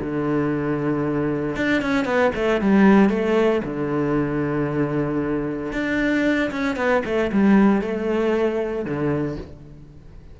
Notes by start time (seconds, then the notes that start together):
0.00 D3
1.56 D4
1.82 C#4
2.05 B3
2.35 A3
2.61 G3
3.09 A3
3.64 D3
5.72 D4
6.51 C#4
6.76 B3
7.05 A3
7.32 G3
7.81 A3
8.85 D3